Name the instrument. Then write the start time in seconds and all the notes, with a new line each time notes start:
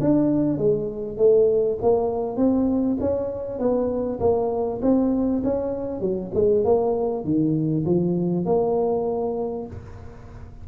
tuba
0.00 D4
0.58 G#3
1.17 A3
1.82 A#3
2.37 C4
3.00 C#4
3.59 B3
4.20 A#3
4.82 C4
5.44 C#4
6.00 F#3
6.34 G#3
6.64 A#3
7.24 D#3
7.85 F3
8.45 A#3